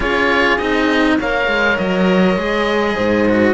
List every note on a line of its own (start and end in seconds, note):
0.00 0.57 C#4
0.00 0.59 F4
0.00 1.15 G#4
0.00 0.58 C#5
0.58 1.18 C4
0.58 1.19 D#4
0.58 1.17 D#5
1.18 1.47 A#3
1.18 2.38 A#4
1.18 2.95 C#5
1.18 1.78 F5
1.47 1.77 G#3
1.78 2.36 F#3
1.78 3.54 D#5
2.36 2.96 G#3
2.36 3.27 G#4
2.95 3.54 G#2
2.95 3.54 C5
3.28 3.54 F#4